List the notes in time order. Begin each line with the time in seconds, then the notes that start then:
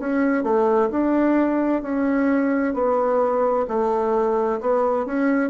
0.00 C#4
0.44 A3
0.91 D4
1.83 C#4
2.74 B3
3.68 A3
4.61 B3
5.06 C#4